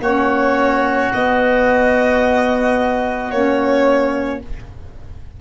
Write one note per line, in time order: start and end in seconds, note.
0.00 1.09 A#3
0.00 1.13 C#4
0.00 4.39 F#4
0.00 1.12 C#5
1.13 3.31 B3
1.13 3.32 B3
1.13 3.31 D#5
3.31 4.41 A#3
3.31 4.41 C#4
3.31 4.40 C#5